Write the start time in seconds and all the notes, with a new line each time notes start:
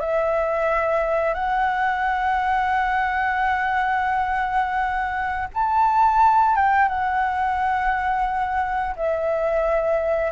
0.00 E5
1.34 F#5
5.54 A5
6.55 G5
6.88 F#5
8.96 E5